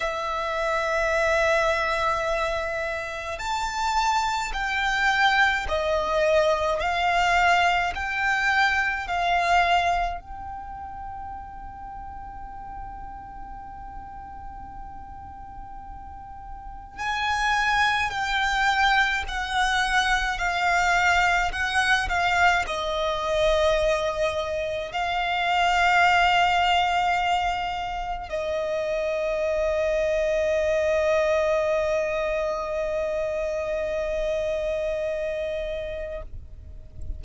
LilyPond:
\new Staff \with { instrumentName = "violin" } { \time 4/4 \tempo 4 = 53 e''2. a''4 | g''4 dis''4 f''4 g''4 | f''4 g''2.~ | g''2. gis''4 |
g''4 fis''4 f''4 fis''8 f''8 | dis''2 f''2~ | f''4 dis''2.~ | dis''1 | }